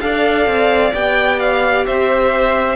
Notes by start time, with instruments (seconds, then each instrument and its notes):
0.00 cello D4, viola A4, violin D5 F5
0.47 cello C4
0.93 cello B3, viola G4, violin G5
1.40 violin F5
1.87 cello C4, violin C5 E5